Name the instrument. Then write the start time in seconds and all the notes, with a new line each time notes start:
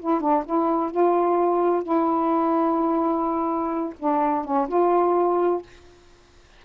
saxophone
0.00 E4
0.21 D4
0.46 E4
0.91 F4
1.83 E4
3.99 D4
4.45 C#4
4.69 F4